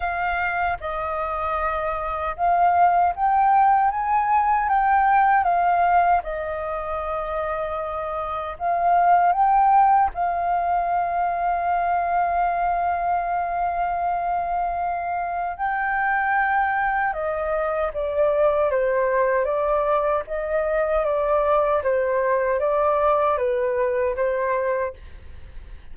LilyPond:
\new Staff \with { instrumentName = "flute" } { \time 4/4 \tempo 4 = 77 f''4 dis''2 f''4 | g''4 gis''4 g''4 f''4 | dis''2. f''4 | g''4 f''2.~ |
f''1 | g''2 dis''4 d''4 | c''4 d''4 dis''4 d''4 | c''4 d''4 b'4 c''4 | }